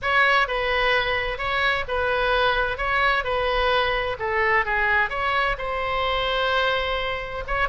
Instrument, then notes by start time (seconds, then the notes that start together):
oboe
0.02 C#5
0.47 B4
1.37 C#5
1.88 B4
2.77 C#5
3.23 B4
4.19 A4
4.65 G#4
5.09 C#5
5.58 C5
7.47 C#5